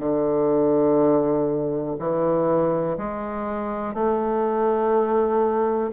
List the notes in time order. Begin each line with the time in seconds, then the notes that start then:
0.00 D3
1.99 E3
2.98 G#3
3.95 A3